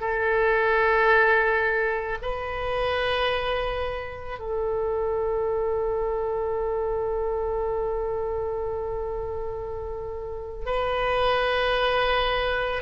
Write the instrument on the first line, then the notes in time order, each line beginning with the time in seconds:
oboe
0.00 A4
2.22 B4
4.39 A4
10.66 B4